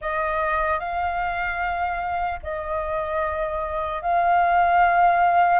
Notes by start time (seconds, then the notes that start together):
0.01 D#5
0.79 F5
2.43 D#5
4.01 F5